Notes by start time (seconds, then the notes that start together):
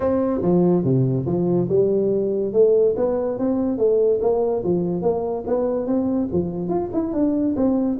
0.00 C4
0.42 F3
0.83 C3
1.26 F3
1.69 G3
2.52 A3
2.96 B3
3.38 C4
3.78 A3
4.21 A#3
4.63 F3
5.02 A#3
5.46 B3
5.86 C4
6.32 F3
6.68 F4
6.93 E4
7.13 D4
7.56 C4